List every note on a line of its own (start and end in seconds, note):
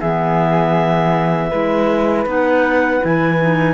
0.00 1.52 E3
0.00 1.52 B3
0.00 1.50 G#4
0.00 2.25 E5
1.50 2.26 G#3
1.50 2.27 E4
1.50 3.74 B4
2.26 3.01 B3
2.26 3.01 D#4
2.26 3.05 F#5
3.01 3.74 E3
3.01 3.38 E4
3.01 3.74 G#5
3.41 3.74 D#4